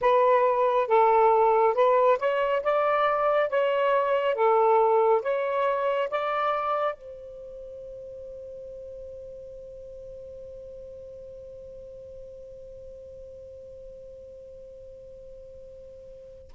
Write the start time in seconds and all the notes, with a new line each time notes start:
0.01 B4
0.87 A4
1.74 B4
2.19 C#5
2.62 D5
3.49 C#5
4.34 A4
5.22 C#5
6.09 D5
6.94 C5